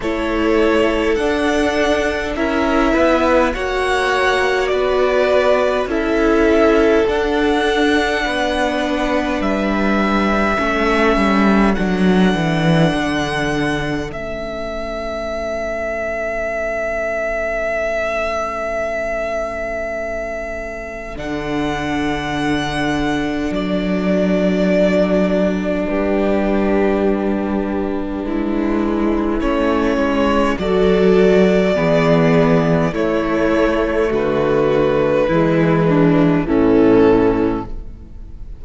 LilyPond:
<<
  \new Staff \with { instrumentName = "violin" } { \time 4/4 \tempo 4 = 51 cis''4 fis''4 e''4 fis''4 | d''4 e''4 fis''2 | e''2 fis''2 | e''1~ |
e''2 fis''2 | d''2 b'2~ | b'4 cis''4 d''2 | cis''4 b'2 a'4 | }
  \new Staff \with { instrumentName = "violin" } { \time 4/4 a'2 ais'8 b'8 cis''4 | b'4 a'2 b'4~ | b'4 a'2.~ | a'1~ |
a'1~ | a'2 g'2 | e'2 a'4 gis'4 | e'4 fis'4 e'8 d'8 cis'4 | }
  \new Staff \with { instrumentName = "viola" } { \time 4/4 e'4 d'4 e'4 fis'4~ | fis'4 e'4 d'2~ | d'4 cis'4 d'2 | cis'1~ |
cis'2 d'2~ | d'1~ | d'4 cis'4 fis'4 b4 | a2 gis4 e4 | }
  \new Staff \with { instrumentName = "cello" } { \time 4/4 a4 d'4 cis'8 b8 ais4 | b4 cis'4 d'4 b4 | g4 a8 g8 fis8 e8 d4 | a1~ |
a2 d2 | fis2 g2 | gis4 a8 gis8 fis4 e4 | a4 d4 e4 a,4 | }
>>